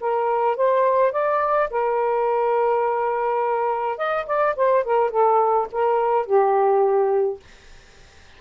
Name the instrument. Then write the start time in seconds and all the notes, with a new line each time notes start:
saxophone
0.00 A#4
0.56 C5
1.12 D5
1.70 A#4
3.97 D#5
4.26 D5
4.56 C5
4.84 A#4
5.10 A4
5.72 A#4
6.26 G4